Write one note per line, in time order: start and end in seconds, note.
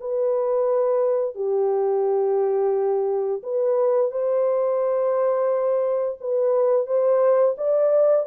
0.00 1.35 B4
1.35 3.42 G4
3.43 4.11 B4
4.11 6.18 C5
6.21 6.87 B4
6.87 7.55 C5
7.57 8.26 D5